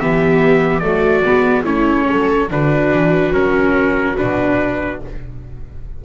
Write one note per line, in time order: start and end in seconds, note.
0.00 0.81 E3
0.00 0.82 B3
0.00 0.84 G4
0.00 0.79 E5
0.79 1.23 F#3
0.79 1.24 A3
0.79 1.64 F#4
0.79 1.62 D5
1.25 1.64 G#3
1.25 1.65 B3
1.64 2.06 A3
1.64 2.49 C#4
1.64 2.06 E4
1.64 2.49 C#5
2.09 2.51 F#3
2.09 2.49 A4
2.49 2.92 D3
2.49 3.33 D4
2.49 4.99 F#4
2.49 3.34 B4
2.93 3.32 E3
3.32 4.15 F#3
3.32 4.16 C#4
3.32 4.17 A#4
4.17 5.05 B2
4.17 5.01 D4
4.17 5.00 B4